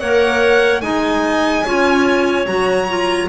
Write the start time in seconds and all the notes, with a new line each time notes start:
0.00 A#3 A#4 C#5 F#5
0.82 G#3 D#4 D#5 G#5
1.65 C#4 F4 C#5
2.46 F#3 F#4 A#5
2.88 F4